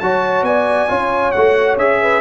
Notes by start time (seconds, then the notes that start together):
0.00 F#3 F#4 C#5 A5
0.43 B3 D5 G#5
0.89 C#4 F4 C#5
1.32 A3 F#4 F#5
1.77 C#4 G#4 E5
2.02 B4